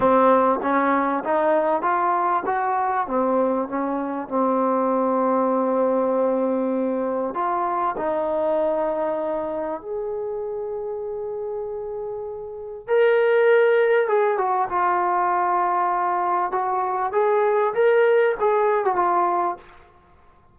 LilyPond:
\new Staff \with { instrumentName = "trombone" } { \time 4/4 \tempo 4 = 98 c'4 cis'4 dis'4 f'4 | fis'4 c'4 cis'4 c'4~ | c'1 | f'4 dis'2. |
gis'1~ | gis'4 ais'2 gis'8 fis'8 | f'2. fis'4 | gis'4 ais'4 gis'8. fis'16 f'4 | }